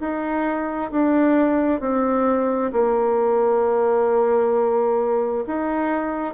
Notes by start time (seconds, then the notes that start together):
0.00 D#4
0.92 D4
1.81 C4
2.72 A#3
5.47 D#4